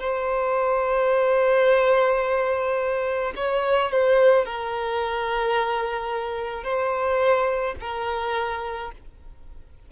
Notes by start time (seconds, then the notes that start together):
0.00 C5
3.36 C#5
3.92 C5
4.45 A#4
6.64 C5
7.81 A#4